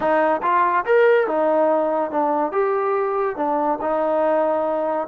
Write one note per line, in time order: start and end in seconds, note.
0.00 0.41 D#4
0.42 0.84 F4
0.85 1.27 A#4
1.27 2.10 D#4
2.10 2.51 D4
2.51 3.36 G4
3.36 3.78 D4
3.81 5.07 D#4